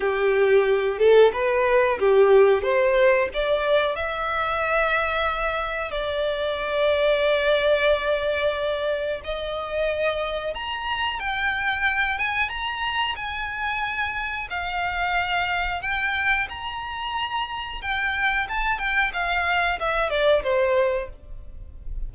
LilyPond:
\new Staff \with { instrumentName = "violin" } { \time 4/4 \tempo 4 = 91 g'4. a'8 b'4 g'4 | c''4 d''4 e''2~ | e''4 d''2.~ | d''2 dis''2 |
ais''4 g''4. gis''8 ais''4 | gis''2 f''2 | g''4 ais''2 g''4 | a''8 g''8 f''4 e''8 d''8 c''4 | }